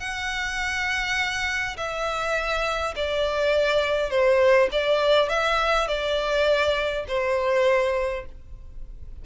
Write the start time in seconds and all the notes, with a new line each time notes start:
0.00 F#5
1.77 E5
2.96 D5
4.10 C5
4.72 D5
5.29 E5
5.88 D5
7.08 C5